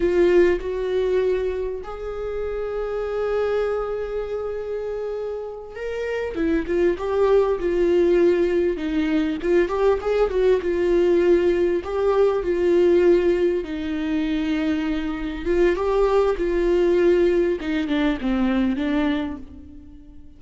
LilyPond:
\new Staff \with { instrumentName = "viola" } { \time 4/4 \tempo 4 = 99 f'4 fis'2 gis'4~ | gis'1~ | gis'4. ais'4 e'8 f'8 g'8~ | g'8 f'2 dis'4 f'8 |
g'8 gis'8 fis'8 f'2 g'8~ | g'8 f'2 dis'4.~ | dis'4. f'8 g'4 f'4~ | f'4 dis'8 d'8 c'4 d'4 | }